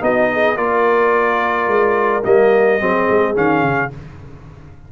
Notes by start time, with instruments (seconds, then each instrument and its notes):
0.00 tuba B3, trombone D#4, horn F#4, trumpet D#5
0.32 horn G#4
0.56 tuba A#3, trombone F4, horn A#4, trumpet D5
1.67 tuba G#3
2.24 tuba G3, trombone A#3, trumpet D#5
2.79 tuba F#3, trombone C4, horn G#4
3.09 tuba G#3
3.34 tuba D#3, trombone C#4, trumpet F5
3.62 tuba C#3